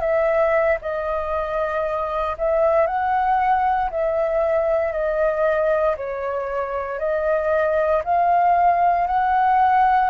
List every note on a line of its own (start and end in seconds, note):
0.00 0.78 E5
0.81 2.37 D#5
2.37 2.86 E5
2.86 3.90 F#5
3.90 4.92 E5
4.92 5.96 D#5
5.96 6.99 C#5
6.99 8.02 D#5
8.04 9.07 F5
9.07 10.10 F#5